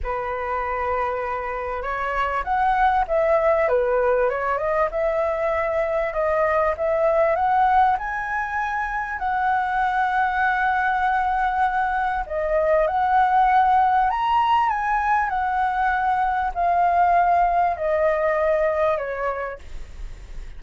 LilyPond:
\new Staff \with { instrumentName = "flute" } { \time 4/4 \tempo 4 = 98 b'2. cis''4 | fis''4 e''4 b'4 cis''8 dis''8 | e''2 dis''4 e''4 | fis''4 gis''2 fis''4~ |
fis''1 | dis''4 fis''2 ais''4 | gis''4 fis''2 f''4~ | f''4 dis''2 cis''4 | }